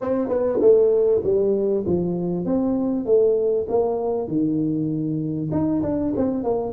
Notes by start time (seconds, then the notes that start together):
0.01 C4
0.28 B3
0.60 A3
1.23 G3
1.86 F3
2.45 C4
3.05 A3
3.68 A#3
4.27 D#3
5.51 D#4
5.82 D4
6.16 C4
6.43 A#3